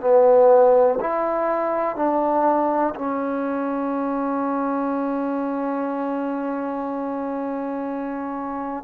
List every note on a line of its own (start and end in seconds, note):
0.00 0.98 B3
1.00 1.95 E4
1.95 2.94 D4
2.95 8.83 C#4